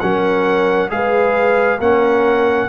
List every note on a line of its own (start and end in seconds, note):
0.00 0.91 F#3
0.00 0.89 C#4
0.00 0.91 A#4
0.00 0.90 F#5
0.89 1.79 G#3
0.89 1.79 G#4
0.89 1.79 B4
0.89 1.80 F5
1.79 2.69 A#3
1.79 2.69 C#4
1.79 2.69 A#4
1.79 2.69 F#5